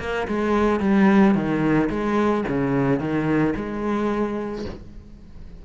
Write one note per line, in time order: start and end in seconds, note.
0.00 0.27 A#3
0.28 0.80 G#3
0.80 1.35 G3
1.35 1.89 D#3
1.90 2.45 G#3
2.48 3.00 C#3
3.00 3.54 D#3
3.57 4.66 G#3